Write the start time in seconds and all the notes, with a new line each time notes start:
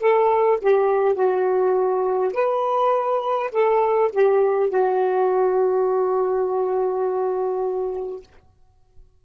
0.00 A4
0.62 G4
1.15 F#4
2.34 B4
3.52 A4
4.13 G4
4.70 F#4